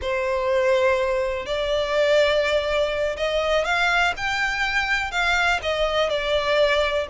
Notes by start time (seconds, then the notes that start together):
0.01 C5
1.45 D5
3.16 D#5
3.64 F5
4.16 G5
5.11 F5
5.62 D#5
6.09 D5